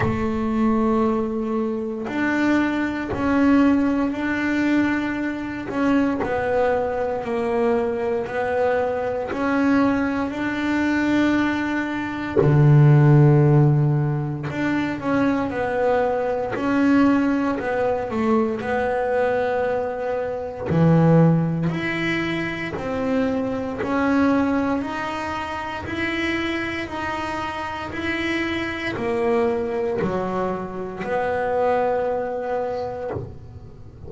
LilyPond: \new Staff \with { instrumentName = "double bass" } { \time 4/4 \tempo 4 = 58 a2 d'4 cis'4 | d'4. cis'8 b4 ais4 | b4 cis'4 d'2 | d2 d'8 cis'8 b4 |
cis'4 b8 a8 b2 | e4 e'4 c'4 cis'4 | dis'4 e'4 dis'4 e'4 | ais4 fis4 b2 | }